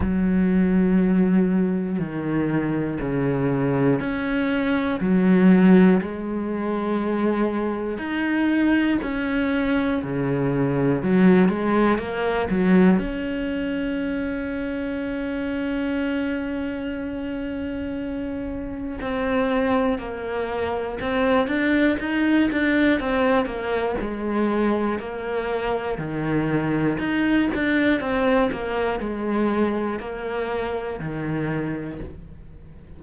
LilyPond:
\new Staff \with { instrumentName = "cello" } { \time 4/4 \tempo 4 = 60 fis2 dis4 cis4 | cis'4 fis4 gis2 | dis'4 cis'4 cis4 fis8 gis8 | ais8 fis8 cis'2.~ |
cis'2. c'4 | ais4 c'8 d'8 dis'8 d'8 c'8 ais8 | gis4 ais4 dis4 dis'8 d'8 | c'8 ais8 gis4 ais4 dis4 | }